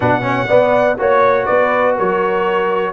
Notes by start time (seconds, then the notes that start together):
0.00 B2 D4 B4 F#5
0.21 C#4 C#5
0.48 B3 D5
0.98 A#3 F#4 C#5
1.45 B3 B4 D5
1.95 F#3 A#4 C#5